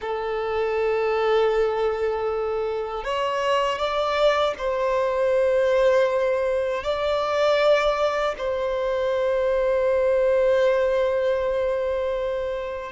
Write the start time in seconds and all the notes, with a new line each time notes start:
0.01 A4
3.04 C#5
3.78 D5
4.58 C5
6.83 D5
8.38 C5